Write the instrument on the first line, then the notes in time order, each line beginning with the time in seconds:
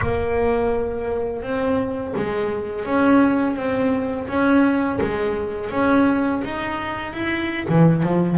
double bass
0.01 A#3
1.42 C4
2.16 G#3
2.85 C#4
3.56 C4
4.28 C#4
5.00 G#3
5.70 C#4
6.44 D#4
7.13 E4
7.68 E3
8.03 F3